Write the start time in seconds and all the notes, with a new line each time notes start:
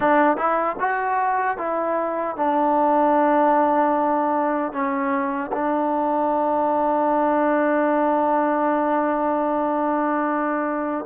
0.00 D4
0.37 E4
0.79 F#4
1.57 E4
2.36 D4
4.72 C#4
5.52 D4